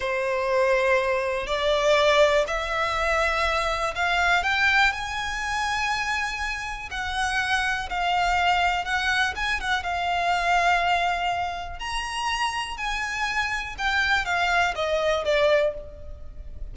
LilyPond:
\new Staff \with { instrumentName = "violin" } { \time 4/4 \tempo 4 = 122 c''2. d''4~ | d''4 e''2. | f''4 g''4 gis''2~ | gis''2 fis''2 |
f''2 fis''4 gis''8 fis''8 | f''1 | ais''2 gis''2 | g''4 f''4 dis''4 d''4 | }